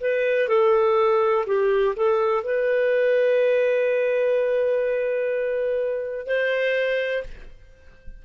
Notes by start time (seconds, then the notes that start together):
0.00 B4
0.48 A4
1.46 G4
1.96 A4
2.44 B4
6.26 C5